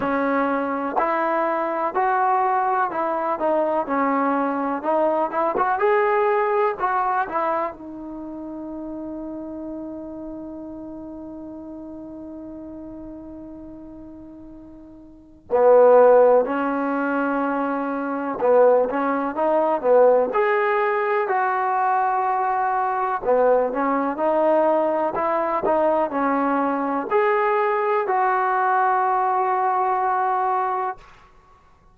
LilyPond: \new Staff \with { instrumentName = "trombone" } { \time 4/4 \tempo 4 = 62 cis'4 e'4 fis'4 e'8 dis'8 | cis'4 dis'8 e'16 fis'16 gis'4 fis'8 e'8 | dis'1~ | dis'1 |
b4 cis'2 b8 cis'8 | dis'8 b8 gis'4 fis'2 | b8 cis'8 dis'4 e'8 dis'8 cis'4 | gis'4 fis'2. | }